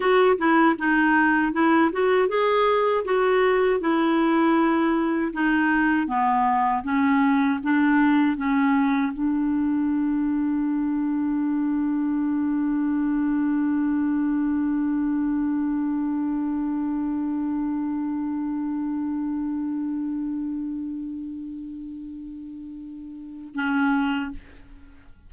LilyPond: \new Staff \with { instrumentName = "clarinet" } { \time 4/4 \tempo 4 = 79 fis'8 e'8 dis'4 e'8 fis'8 gis'4 | fis'4 e'2 dis'4 | b4 cis'4 d'4 cis'4 | d'1~ |
d'1~ | d'1~ | d'1~ | d'2. cis'4 | }